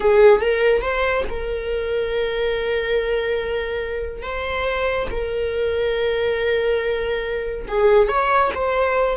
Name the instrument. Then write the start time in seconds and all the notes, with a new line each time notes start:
viola
0.00 G#4
0.40 A#4
0.81 C5
1.29 A#4
4.22 C5
5.11 A#4
7.68 G#4
8.08 C#5
8.54 C5